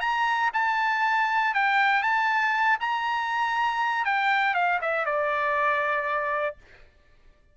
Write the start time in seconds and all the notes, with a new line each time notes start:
0.00 A#5
0.53 A5
1.54 G5
2.02 A5
2.80 A#5
4.05 G5
4.54 F5
4.81 E5
5.05 D5